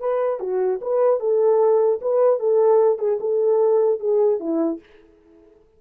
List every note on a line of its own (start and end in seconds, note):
0.00 0.40 B4
0.40 0.80 F#4
0.82 1.20 B4
1.20 2.00 A4
2.02 2.40 B4
2.40 2.99 A4
2.99 3.19 G#4
3.21 4.00 A4
4.00 4.40 G#4
4.40 4.80 E4